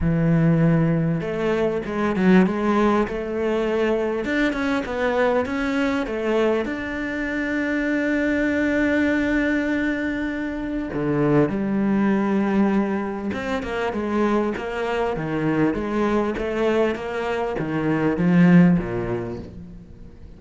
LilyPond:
\new Staff \with { instrumentName = "cello" } { \time 4/4 \tempo 4 = 99 e2 a4 gis8 fis8 | gis4 a2 d'8 cis'8 | b4 cis'4 a4 d'4~ | d'1~ |
d'2 d4 g4~ | g2 c'8 ais8 gis4 | ais4 dis4 gis4 a4 | ais4 dis4 f4 ais,4 | }